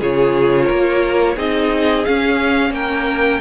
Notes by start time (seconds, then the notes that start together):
0.00 C#3 F4 G#4 C#5
0.65 A#3 A#4
1.35 C4 D#4 G#4 D#5
2.05 C#4 F5
2.71 A#3 A#4 G5